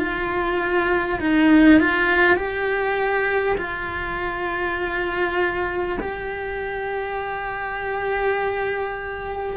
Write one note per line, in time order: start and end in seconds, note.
0.00 1.20 F4
1.21 1.81 D#4
1.81 2.36 F4
2.36 3.56 G4
3.58 5.98 F4
6.01 9.57 G4